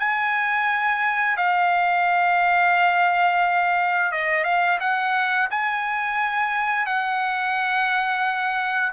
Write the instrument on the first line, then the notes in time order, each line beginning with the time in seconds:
trumpet
0.00 G#5
1.37 F5
4.12 D#5
4.45 F5
4.80 F#5
5.51 G#5
6.87 F#5